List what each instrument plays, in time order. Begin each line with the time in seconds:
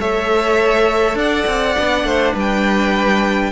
0.00 cello A3, viola A4, violin C#5 E5
1.15 cello D4, violin D5 F#5
1.47 cello C4
1.76 cello B3, viola D4
2.04 cello A3, violin C5
2.34 cello G3, violin B4
2.40 violin G5